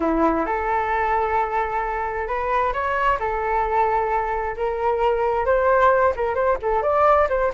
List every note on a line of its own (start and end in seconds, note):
0.00 0.45 E4
0.45 2.27 A4
2.27 2.73 B4
2.73 3.18 C#5
3.19 4.55 A4
4.56 5.45 A#4
5.45 6.13 C5
6.16 6.35 A#4
6.35 6.57 C5
6.62 6.82 A4
6.82 7.27 D5
7.29 7.51 C5